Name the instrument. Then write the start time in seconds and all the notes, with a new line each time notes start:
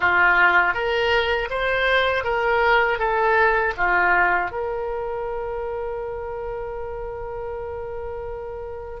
oboe
0.00 F4
0.73 A#4
1.50 C5
2.24 A#4
2.98 A4
3.77 F4
4.51 A#4